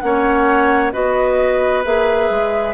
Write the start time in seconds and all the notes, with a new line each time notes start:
0.00 A#3 C#4 C#5 F#5
0.93 B3 F#4 B4 D#5
1.85 A#3 G#4 E5
2.30 G#3